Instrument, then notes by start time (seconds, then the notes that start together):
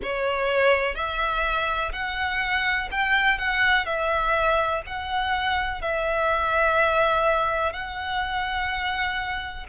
violin
0.03 C#5
0.95 E5
1.92 F#5
2.91 G5
3.38 F#5
3.85 E5
4.86 F#5
5.81 E5
7.72 F#5